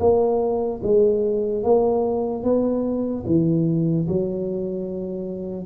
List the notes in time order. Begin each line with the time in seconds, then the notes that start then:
0.00 A#3
0.83 G#3
1.64 A#3
2.44 B3
3.26 E3
4.08 F#3